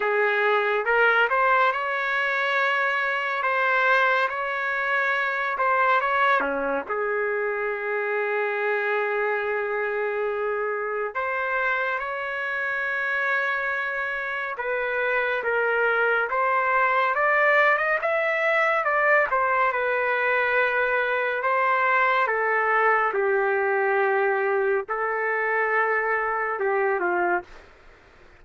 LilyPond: \new Staff \with { instrumentName = "trumpet" } { \time 4/4 \tempo 4 = 70 gis'4 ais'8 c''8 cis''2 | c''4 cis''4. c''8 cis''8 cis'8 | gis'1~ | gis'4 c''4 cis''2~ |
cis''4 b'4 ais'4 c''4 | d''8. dis''16 e''4 d''8 c''8 b'4~ | b'4 c''4 a'4 g'4~ | g'4 a'2 g'8 f'8 | }